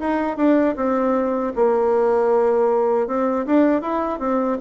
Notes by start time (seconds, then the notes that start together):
0.00 D#4
0.37 D4
0.77 C4
1.56 A#3
3.08 C4
3.46 D4
3.82 E4
4.20 C4